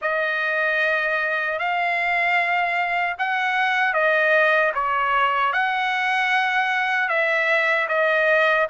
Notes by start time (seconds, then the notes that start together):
0.01 D#5
1.58 F5
3.18 F#5
3.93 D#5
4.74 C#5
5.52 F#5
7.08 E5
7.88 D#5